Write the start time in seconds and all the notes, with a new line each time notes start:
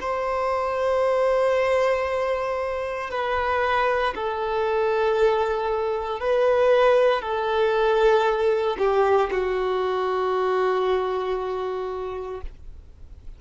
0.00 C5
3.10 B4
4.14 A4
6.20 B4
7.21 A4
8.78 G4
9.31 F#4